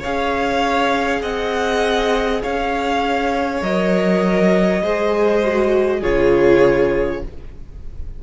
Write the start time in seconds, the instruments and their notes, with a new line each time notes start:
0.00 viola G#4, violin C#5 F5
0.06 cello C#4
1.22 cello C4, violin D#5 F#5
2.43 cello C#4, violin C#5 F5
3.62 cello F#3, viola A#4, violin D#5
4.83 cello G#3, viola G#4, violin C5
5.44 viola F#4
6.00 cello C#3, viola F4, violin G#4 C#5